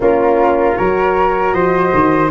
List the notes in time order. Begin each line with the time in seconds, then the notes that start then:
0.00 A#3 C#4 F4 A#4
0.76 F#3 F#4 A#4 C#5
1.53 F3 C5 D#5
1.94 D#3